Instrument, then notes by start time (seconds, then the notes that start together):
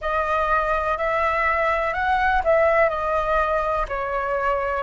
flute
0.00 D#5
0.97 E5
1.94 F#5
2.44 E5
2.89 D#5
3.88 C#5